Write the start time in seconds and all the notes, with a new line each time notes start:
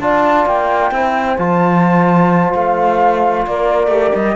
0.00 D4 F4 D5 A5
0.46 A#3 G5
0.92 C4 E4 C5
1.38 F3 F4 A5
2.54 A3 F5
3.47 A#3 A#4 D5
3.88 A3 G4
4.15 G3 D#5